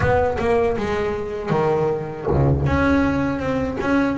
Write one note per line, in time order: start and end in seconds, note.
0.00 0.37 B3
0.38 0.76 A#3
0.77 1.50 G#3
1.50 2.26 D#3
2.30 2.66 C#2
2.66 3.39 C#4
3.39 3.77 C4
3.80 4.17 C#4